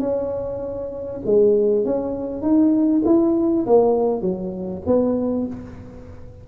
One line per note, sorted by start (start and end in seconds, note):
0.00 1.21 C#4
1.26 1.85 G#3
1.85 2.42 C#4
2.42 3.03 D#4
3.05 3.66 E4
3.66 4.22 A#3
4.22 4.82 F#3
4.87 5.47 B3